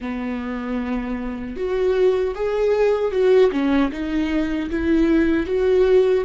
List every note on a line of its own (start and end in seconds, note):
0.00 1.56 B3
1.56 2.34 F#4
2.34 3.11 G#4
3.11 3.50 F#4
3.51 3.90 C#4
3.91 4.69 D#4
4.70 5.46 E4
5.46 6.24 F#4